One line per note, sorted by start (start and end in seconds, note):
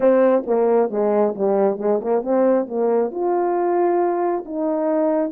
0.00 0.43 C4
0.46 0.89 A#3
0.89 1.34 G#3
1.35 1.78 G3
1.78 2.00 G#3
2.01 2.22 A#3
2.22 2.66 C4
2.68 3.11 A#3
3.11 4.44 F4
4.45 5.31 D#4